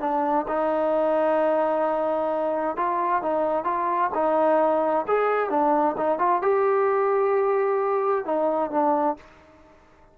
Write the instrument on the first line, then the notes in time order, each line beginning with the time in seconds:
trombone
0.00 D4
0.48 D#4
2.77 F4
3.22 D#4
3.64 F4
4.14 D#4
5.07 G#4
5.50 D4
5.97 D#4
6.19 F4
6.42 G4
8.25 D#4
8.71 D4